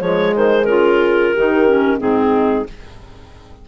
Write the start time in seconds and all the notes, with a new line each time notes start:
0.00 F3 G#3 G#4 C#5
0.36 D#3 C5
0.65 C#3 F4 A#4
1.32 D#3 D#4 G4
1.67 C#4
1.98 G#2 C4 D#4 G#4